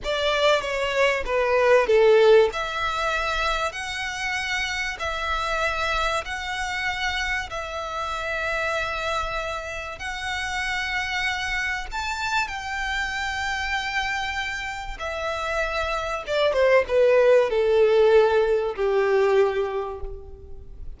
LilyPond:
\new Staff \with { instrumentName = "violin" } { \time 4/4 \tempo 4 = 96 d''4 cis''4 b'4 a'4 | e''2 fis''2 | e''2 fis''2 | e''1 |
fis''2. a''4 | g''1 | e''2 d''8 c''8 b'4 | a'2 g'2 | }